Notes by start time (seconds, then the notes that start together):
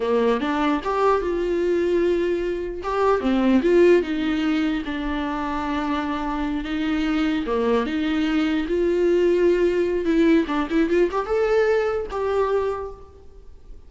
0.00 A#3
0.40 D4
0.84 G4
1.21 F4
2.83 G4
3.20 C4
3.62 F4
4.02 D#4
4.85 D4
6.64 D#4
7.46 A#3
7.85 D#4
8.68 F4
10.05 E4
10.47 D4
10.70 E4
10.89 F4
11.11 G4
11.25 A4
12.10 G4